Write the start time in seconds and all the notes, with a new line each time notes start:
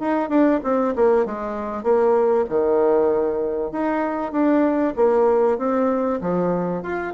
0.00 D#4
0.29 D4
0.64 C4
0.96 A#3
1.26 G#3
1.83 A#3
2.49 D#3
3.72 D#4
4.32 D4
4.96 A#3
5.58 C4
6.22 F3
6.83 F4